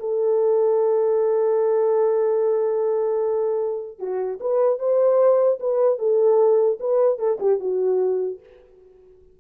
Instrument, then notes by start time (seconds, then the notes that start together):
horn
0.00 A4
4.00 F#4
4.41 B4
4.79 C5
5.60 B4
5.99 A4
6.80 B4
7.19 A4
7.40 G4
7.60 F#4